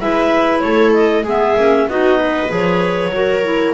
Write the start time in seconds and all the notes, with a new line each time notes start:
0.00 G#3 E4 B4 E5
0.60 A3 A4 C#5
0.93 D#5
1.23 G#3 B3 G#4 E5
1.56 A#3 C#4
1.88 B3 D#4 F#4 D#5
2.19 B4
2.48 F3 G#4 C#5
3.08 F#3 F#4
3.16 A#4
3.43 E4